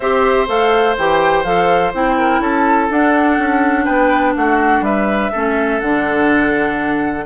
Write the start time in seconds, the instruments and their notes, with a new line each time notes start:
0.00 bassoon C4, clarinet G4, oboe C5, flute E5
0.47 bassoon A3, clarinet A4, flute F5
0.97 bassoon E3, clarinet G4, flute G5
1.44 bassoon F3, clarinet A4, flute F5
1.93 bassoon C4, clarinet E4, flute G5
2.17 oboe A#4
2.39 bassoon C#4, oboe A4, flute A5
2.90 bassoon D4, clarinet D4, flute F#5
3.38 bassoon C#4
3.85 bassoon B3, oboe B4, flute G5
4.35 bassoon A3, oboe F#4, flute F#5
4.81 bassoon G3, oboe B4, flute E5
5.31 bassoon A3, clarinet C#4, oboe A4
5.80 bassoon D3, clarinet D4, flute F#5